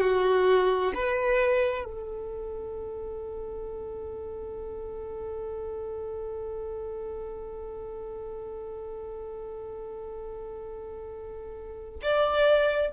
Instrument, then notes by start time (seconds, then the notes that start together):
violin
0.00 F#4
0.94 B4
1.84 A4
12.02 D5